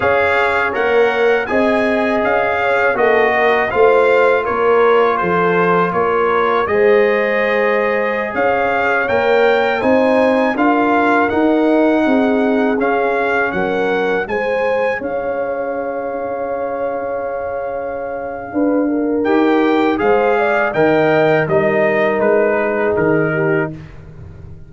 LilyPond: <<
  \new Staff \with { instrumentName = "trumpet" } { \time 4/4 \tempo 4 = 81 f''4 fis''4 gis''4 f''4 | dis''4 f''4 cis''4 c''4 | cis''4 dis''2~ dis''16 f''8.~ | f''16 g''4 gis''4 f''4 fis''8.~ |
fis''4~ fis''16 f''4 fis''4 gis''8.~ | gis''16 f''2.~ f''8.~ | f''2 g''4 f''4 | g''4 dis''4 b'4 ais'4 | }
  \new Staff \with { instrumentName = "horn" } { \time 4/4 cis''2 dis''4. cis''8 | a'8 ais'8 c''4 ais'4 a'4 | ais'4 c''2~ c''16 cis''8.~ | cis''4~ cis''16 c''4 ais'4.~ ais'16~ |
ais'16 gis'2 ais'4 c''8.~ | c''16 cis''2.~ cis''8.~ | cis''4 b'8 ais'4. c''8 d''8 | dis''4 ais'4. gis'4 g'8 | }
  \new Staff \with { instrumentName = "trombone" } { \time 4/4 gis'4 ais'4 gis'2 | fis'4 f'2.~ | f'4 gis'2.~ | gis'16 ais'4 dis'4 f'4 dis'8.~ |
dis'4~ dis'16 cis'2 gis'8.~ | gis'1~ | gis'2 g'4 gis'4 | ais'4 dis'2. | }
  \new Staff \with { instrumentName = "tuba" } { \time 4/4 cis'4 ais4 c'4 cis'4 | ais4 a4 ais4 f4 | ais4 gis2~ gis16 cis'8.~ | cis'16 ais4 c'4 d'4 dis'8.~ |
dis'16 c'4 cis'4 fis4 gis8.~ | gis16 cis'2.~ cis'8.~ | cis'4 d'4 dis'4 gis4 | dis4 g4 gis4 dis4 | }
>>